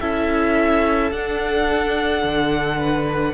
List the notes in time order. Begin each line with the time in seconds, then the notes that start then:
0.00 C#4 E4 A4 E5
1.11 D4 F#5
2.23 D3
2.78 B4